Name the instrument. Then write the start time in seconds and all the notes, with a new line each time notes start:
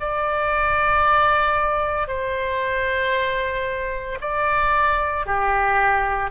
oboe
0.00 D5
2.08 C5
4.21 D5
5.26 G4